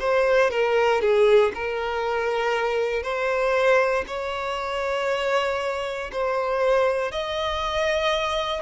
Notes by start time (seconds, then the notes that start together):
0.00 C5
0.51 A#4
1.02 G#4
1.55 A#4
3.03 C5
4.08 C#5
6.12 C5
7.12 D#5